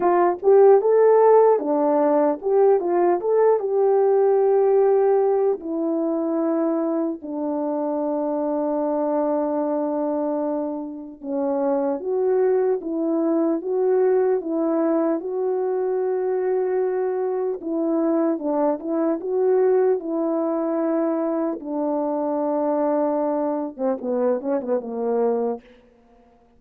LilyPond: \new Staff \with { instrumentName = "horn" } { \time 4/4 \tempo 4 = 75 f'8 g'8 a'4 d'4 g'8 f'8 | a'8 g'2~ g'8 e'4~ | e'4 d'2.~ | d'2 cis'4 fis'4 |
e'4 fis'4 e'4 fis'4~ | fis'2 e'4 d'8 e'8 | fis'4 e'2 d'4~ | d'4.~ d'16 c'16 b8 cis'16 b16 ais4 | }